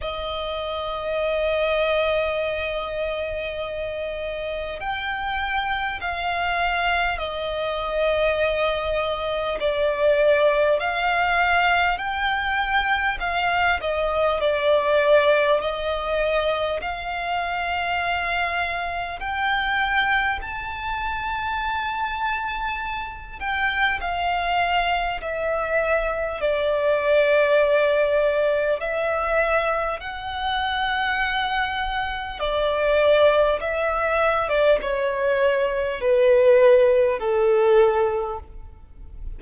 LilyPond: \new Staff \with { instrumentName = "violin" } { \time 4/4 \tempo 4 = 50 dis''1 | g''4 f''4 dis''2 | d''4 f''4 g''4 f''8 dis''8 | d''4 dis''4 f''2 |
g''4 a''2~ a''8 g''8 | f''4 e''4 d''2 | e''4 fis''2 d''4 | e''8. d''16 cis''4 b'4 a'4 | }